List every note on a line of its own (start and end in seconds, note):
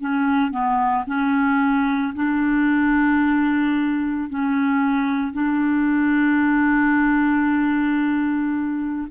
0.00 0.51 C#4
0.51 1.05 B3
1.07 2.14 C#4
2.15 4.29 D4
4.30 5.33 C#4
5.33 9.08 D4